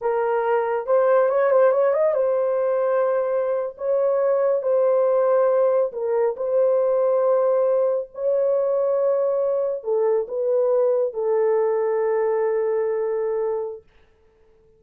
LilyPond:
\new Staff \with { instrumentName = "horn" } { \time 4/4 \tempo 4 = 139 ais'2 c''4 cis''8 c''8 | cis''8 dis''8 c''2.~ | c''8. cis''2 c''4~ c''16~ | c''4.~ c''16 ais'4 c''4~ c''16~ |
c''2~ c''8. cis''4~ cis''16~ | cis''2~ cis''8. a'4 b'16~ | b'4.~ b'16 a'2~ a'16~ | a'1 | }